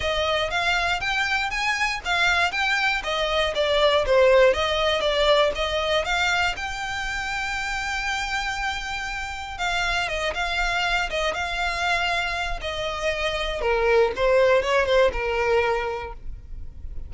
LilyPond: \new Staff \with { instrumentName = "violin" } { \time 4/4 \tempo 4 = 119 dis''4 f''4 g''4 gis''4 | f''4 g''4 dis''4 d''4 | c''4 dis''4 d''4 dis''4 | f''4 g''2.~ |
g''2. f''4 | dis''8 f''4. dis''8 f''4.~ | f''4 dis''2 ais'4 | c''4 cis''8 c''8 ais'2 | }